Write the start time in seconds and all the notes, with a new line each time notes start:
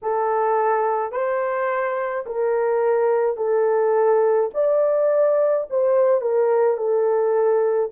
0.02 A4
1.12 C5
2.26 A#4
3.37 A4
4.54 D5
5.70 C5
6.21 A#4
6.77 A4